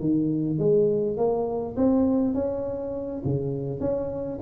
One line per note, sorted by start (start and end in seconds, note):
0.00 0.59 D#3
0.59 1.18 G#3
1.18 1.76 A#3
1.77 2.34 C4
2.34 3.23 C#4
3.25 3.80 C#3
3.80 4.39 C#4